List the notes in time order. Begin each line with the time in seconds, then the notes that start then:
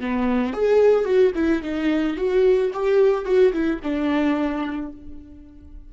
0.00 B3
0.53 G#4
1.05 F#4
1.35 E4
1.62 D#4
2.17 F#4
2.73 G4
3.25 F#4
3.53 E4
3.83 D4